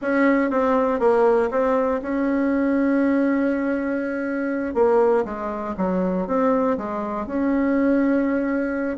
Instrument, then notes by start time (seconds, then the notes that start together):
bassoon
0.01 C#4
0.50 C4
0.99 A#3
1.50 C4
2.01 C#4
4.74 A#3
5.25 G#3
5.77 F#3
6.27 C4
6.77 G#3
7.26 C#4